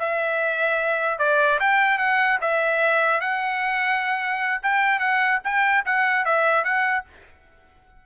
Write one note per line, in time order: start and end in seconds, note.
0.00 1.19 E5
1.19 1.60 D5
1.60 1.99 G5
1.99 2.39 F#5
2.41 3.21 E5
3.21 4.62 F#5
4.63 5.00 G5
5.00 5.40 F#5
5.45 5.85 G5
5.86 6.25 F#5
6.25 6.65 E5
6.65 7.05 F#5